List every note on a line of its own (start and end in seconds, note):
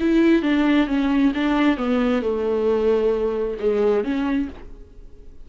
0.00 0.42 E4
0.42 0.87 D4
0.87 1.32 C#4
1.34 1.77 D4
1.77 2.22 B3
2.22 3.57 A3
3.59 4.04 G#3
4.04 4.49 C#4